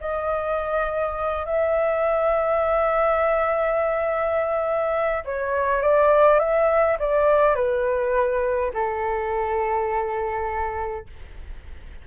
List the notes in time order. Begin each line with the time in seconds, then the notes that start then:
0.00 D#5
1.45 E5
5.25 C#5
5.81 D5
6.39 E5
6.99 D5
7.55 B4
8.73 A4